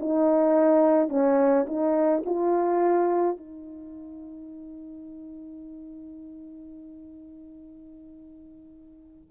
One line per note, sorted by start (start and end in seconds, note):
0.00 1.09 D#4
1.09 1.66 C#4
1.67 2.24 D#4
2.26 3.38 F4
3.38 9.31 D#4